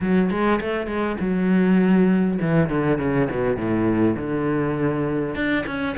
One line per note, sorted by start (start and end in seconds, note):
0.01 0.30 F#3
0.30 0.59 G#3
0.60 0.86 A3
0.86 1.16 G#3
1.19 2.38 F#3
2.41 2.69 E3
2.69 2.98 D3
2.98 3.28 C#3
3.30 3.56 B2
3.56 4.16 A2
4.16 5.35 D3
5.35 5.64 D4
5.66 5.96 C#4